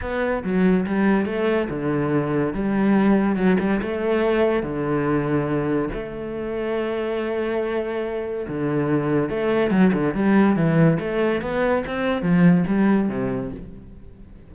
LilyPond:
\new Staff \with { instrumentName = "cello" } { \time 4/4 \tempo 4 = 142 b4 fis4 g4 a4 | d2 g2 | fis8 g8 a2 d4~ | d2 a2~ |
a1 | d2 a4 fis8 d8 | g4 e4 a4 b4 | c'4 f4 g4 c4 | }